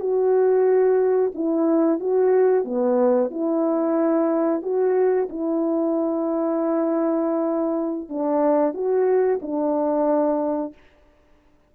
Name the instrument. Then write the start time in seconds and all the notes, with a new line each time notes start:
horn
0.00 F#4
1.34 E4
2.00 F#4
2.65 B3
3.30 E4
4.62 F#4
5.29 E4
8.09 D4
8.74 F#4
9.42 D4